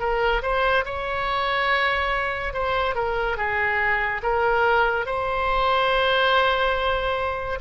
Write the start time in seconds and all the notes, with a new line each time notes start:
0.00 A#4
0.43 C5
0.85 C#5
2.54 C5
2.95 A#4
3.37 G#4
4.23 A#4
5.06 C5